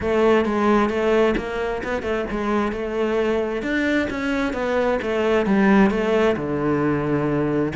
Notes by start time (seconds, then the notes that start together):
0.00 A3
0.45 G#3
0.89 A3
1.37 A#3
1.83 B3
2.02 A3
2.30 G#3
2.72 A3
3.62 D4
4.10 C#4
4.53 B3
5.02 A3
5.45 G3
5.90 A3
6.36 D3